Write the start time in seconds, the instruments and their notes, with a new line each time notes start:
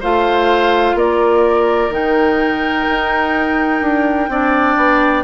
0.00 bassoon A3, clarinet F4, oboe C5, flute F5
0.94 bassoon A#3, oboe A#4, flute D5
1.89 bassoon D#3, clarinet D#4, flute G5
2.88 bassoon D#4
3.81 bassoon D4
4.28 bassoon C4, clarinet D4, oboe D5
4.76 bassoon B3